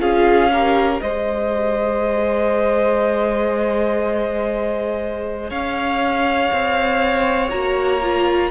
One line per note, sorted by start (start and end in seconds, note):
0.00 1.00 C#4
0.00 0.50 F4
0.00 0.52 G#4
0.00 1.01 F5
0.53 1.02 G4
0.53 1.03 A#4
1.01 5.51 G#3
1.01 7.50 G#4
1.01 5.50 C5
1.01 5.50 D#5
5.50 6.51 C#4
5.50 8.50 C#5
5.50 7.50 F5
6.53 7.53 C4
7.50 8.51 A#3
7.50 8.00 F#4
7.50 8.50 A#5
8.03 8.51 F4